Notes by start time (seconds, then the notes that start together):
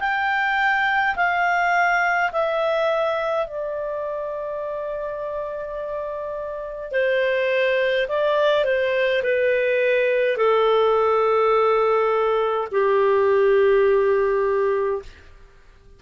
0.00 G5
1.16 F5
2.32 E5
3.47 D5
6.92 C5
8.09 D5
8.65 C5
9.23 B4
10.37 A4
12.72 G4